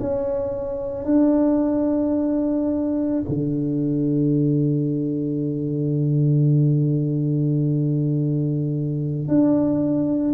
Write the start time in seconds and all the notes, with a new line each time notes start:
0.00 C#4
1.05 D4
3.29 D3
9.29 D4